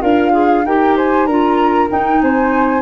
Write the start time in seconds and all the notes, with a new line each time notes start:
0.00 D4 F4 A#4 F5
0.32 G#4
0.64 D#4 G4 A#4 G5
0.96 C5 G#5
1.26 D4 F4 A#4 A#5
1.89 D#4 G5
2.21 C4 C5 G#5